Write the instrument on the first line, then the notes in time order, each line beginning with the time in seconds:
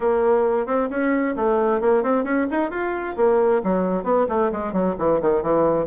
bassoon
0.00 A#3
0.66 C4
0.90 C#4
1.36 A3
1.80 A#3
2.03 C4
2.24 C#4
2.50 D#4
2.70 F4
3.16 A#3
3.63 F#3
4.03 B3
4.29 A3
4.52 G#3
4.72 F#3
4.98 E3
5.21 D#3
5.42 E3